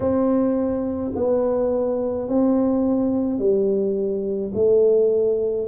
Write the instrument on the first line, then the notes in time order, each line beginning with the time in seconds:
tuba
0.00 C4
1.15 B3
2.28 C4
3.39 G3
4.54 A3